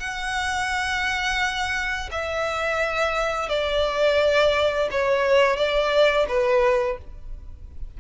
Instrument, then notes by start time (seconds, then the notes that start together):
violin
0.00 F#5
2.12 E5
3.49 D5
4.91 C#5
5.57 D5
6.28 B4